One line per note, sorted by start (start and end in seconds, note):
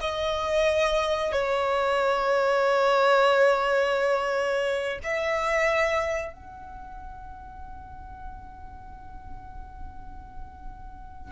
0.00 1.32 D#5
1.32 4.98 C#5
5.03 6.32 E5
6.32 11.32 F#5